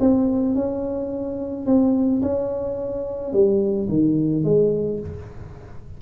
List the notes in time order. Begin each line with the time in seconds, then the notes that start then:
0.00 C4
0.55 C#4
1.66 C4
2.22 C#4
3.33 G3
3.89 D#3
4.44 G#3